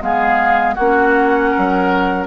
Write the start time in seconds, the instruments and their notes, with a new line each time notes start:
0.00 bassoon G#3, clarinet B3, oboe G#4, flute F5
0.74 bassoon A#3, oboe F#4, flute F#5
0.80 clarinet C#4
1.51 oboe A#4
1.57 bassoon F#3